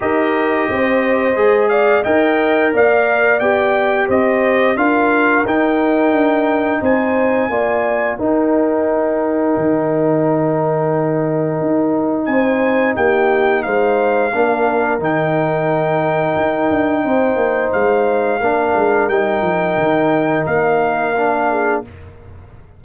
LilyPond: <<
  \new Staff \with { instrumentName = "trumpet" } { \time 4/4 \tempo 4 = 88 dis''2~ dis''8 f''8 g''4 | f''4 g''4 dis''4 f''4 | g''2 gis''2 | g''1~ |
g''2 gis''4 g''4 | f''2 g''2~ | g''2 f''2 | g''2 f''2 | }
  \new Staff \with { instrumentName = "horn" } { \time 4/4 ais'4 c''4. d''8 dis''4 | d''2 c''4 ais'4~ | ais'2 c''4 d''4 | ais'1~ |
ais'2 c''4 g'4 | c''4 ais'2.~ | ais'4 c''2 ais'4~ | ais'2.~ ais'8 gis'8 | }
  \new Staff \with { instrumentName = "trombone" } { \time 4/4 g'2 gis'4 ais'4~ | ais'4 g'2 f'4 | dis'2. f'4 | dis'1~ |
dis'1~ | dis'4 d'4 dis'2~ | dis'2. d'4 | dis'2. d'4 | }
  \new Staff \with { instrumentName = "tuba" } { \time 4/4 dis'4 c'4 gis4 dis'4 | ais4 b4 c'4 d'4 | dis'4 d'4 c'4 ais4 | dis'2 dis2~ |
dis4 dis'4 c'4 ais4 | gis4 ais4 dis2 | dis'8 d'8 c'8 ais8 gis4 ais8 gis8 | g8 f8 dis4 ais2 | }
>>